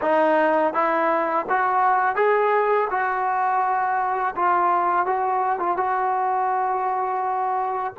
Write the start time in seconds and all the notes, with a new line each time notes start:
0.01 D#4
0.73 E4
1.49 F#4
2.15 G#4
2.90 F#4
4.35 F4
5.06 F#4
5.59 F4
5.76 F#4